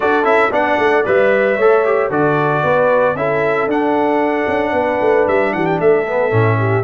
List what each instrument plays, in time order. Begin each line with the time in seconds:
0.00 tuba D4, trombone F#4, horn A4, trumpet D5
0.23 tuba C#4, trombone E4, trumpet E5
0.51 tuba B3, trombone D4, horn D5, trumpet F#5
0.78 tuba A3
1.05 tuba G3, trombone B4, trumpet E5
1.56 tuba A3, trombone A4, horn C#5
1.85 trombone G4
2.09 tuba D3, trombone F#4, horn A4, trumpet D5
2.63 tuba B3, horn B4
3.15 tuba C#4, trombone E4, horn A4, trumpet E5
3.66 tuba D4, trombone D4, trumpet F#5
4.47 tuba C#4
4.72 tuba B3, horn B4
5.00 tuba A3
5.27 tuba G3, trumpet E5
5.53 tuba E3, horn G4, trumpet F#5
5.65 trumpet G5
5.79 tuba A3, horn A4, trumpet E5
6.06 trombone B3
6.30 tuba A2, trombone C#4
6.58 horn G4